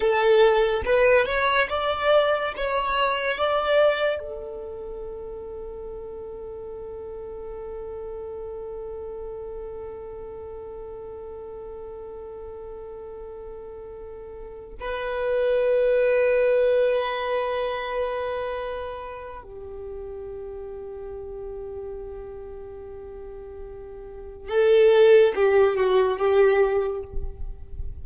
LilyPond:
\new Staff \with { instrumentName = "violin" } { \time 4/4 \tempo 4 = 71 a'4 b'8 cis''8 d''4 cis''4 | d''4 a'2.~ | a'1~ | a'1~ |
a'4. b'2~ b'8~ | b'2. g'4~ | g'1~ | g'4 a'4 g'8 fis'8 g'4 | }